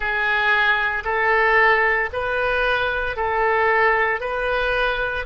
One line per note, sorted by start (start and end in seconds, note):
0.00 1.03 G#4
1.04 2.09 A4
2.12 3.16 B4
3.16 4.20 A4
4.20 5.25 B4